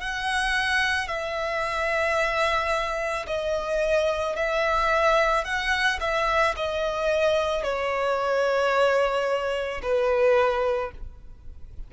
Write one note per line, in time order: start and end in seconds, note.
0.00 1.07 F#5
1.07 3.25 E5
3.26 4.35 D#5
4.35 5.44 E5
5.44 5.99 F#5
6.00 6.55 E5
6.56 7.63 D#5
7.63 9.81 C#5
9.82 10.91 B4